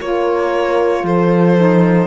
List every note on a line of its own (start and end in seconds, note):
0.00 1.04 A#3
0.00 1.57 F4
0.00 1.05 A#4
0.00 1.06 C#5
1.04 2.07 F3
1.04 2.07 A4
1.04 2.07 C5
1.57 2.07 D#4